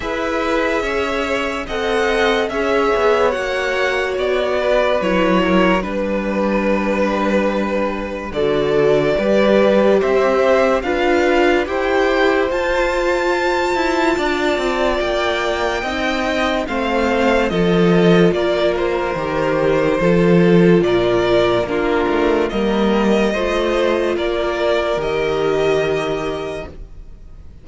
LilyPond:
<<
  \new Staff \with { instrumentName = "violin" } { \time 4/4 \tempo 4 = 72 e''2 fis''4 e''4 | fis''4 d''4 cis''4 b'4~ | b'2 d''2 | e''4 f''4 g''4 a''4~ |
a''2 g''2 | f''4 dis''4 d''8 c''4.~ | c''4 d''4 ais'4 dis''4~ | dis''4 d''4 dis''2 | }
  \new Staff \with { instrumentName = "violin" } { \time 4/4 b'4 cis''4 dis''4 cis''4~ | cis''4. b'4 ais'8 b'4~ | b'2 a'4 b'4 | c''4 b'4 c''2~ |
c''4 d''2 dis''4 | c''4 a'4 ais'2 | a'4 ais'4 f'4 ais'4 | c''4 ais'2. | }
  \new Staff \with { instrumentName = "viola" } { \time 4/4 gis'2 a'4 gis'4 | fis'2 e'4 d'4~ | d'2 fis'4 g'4~ | g'4 f'4 g'4 f'4~ |
f'2. dis'4 | c'4 f'2 g'4 | f'2 d'4 ais4 | f'2 g'2 | }
  \new Staff \with { instrumentName = "cello" } { \time 4/4 e'4 cis'4 c'4 cis'8 b8 | ais4 b4 fis4 g4~ | g2 d4 g4 | c'4 d'4 e'4 f'4~ |
f'8 e'8 d'8 c'8 ais4 c'4 | a4 f4 ais4 dis4 | f4 ais,4 ais8 a8 g4 | a4 ais4 dis2 | }
>>